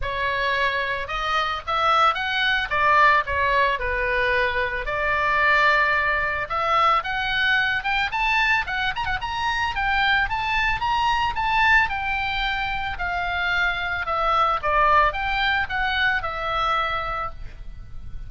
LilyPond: \new Staff \with { instrumentName = "oboe" } { \time 4/4 \tempo 4 = 111 cis''2 dis''4 e''4 | fis''4 d''4 cis''4 b'4~ | b'4 d''2. | e''4 fis''4. g''8 a''4 |
fis''8 ais''16 fis''16 ais''4 g''4 a''4 | ais''4 a''4 g''2 | f''2 e''4 d''4 | g''4 fis''4 e''2 | }